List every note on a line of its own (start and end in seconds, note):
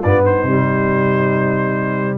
0.00 0.45 G2
0.00 0.48 B3
0.00 0.22 F4
0.00 0.25 D5
0.24 2.19 D#4
0.24 2.19 C5
0.45 2.19 C3
0.45 2.19 G3